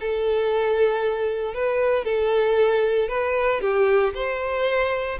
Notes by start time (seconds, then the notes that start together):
0.00 A4
1.54 B4
2.04 A4
3.09 B4
3.61 G4
4.14 C5